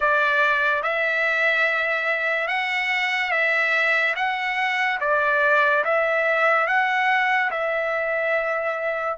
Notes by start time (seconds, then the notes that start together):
0.00 D5
0.82 E5
2.47 F#5
3.31 E5
4.15 F#5
5.00 D5
5.84 E5
6.67 F#5
7.50 E5